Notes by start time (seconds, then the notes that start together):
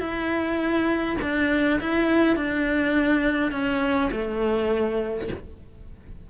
0.00 E4
1.22 D4
1.81 E4
2.36 D4
3.52 C#4
4.12 A3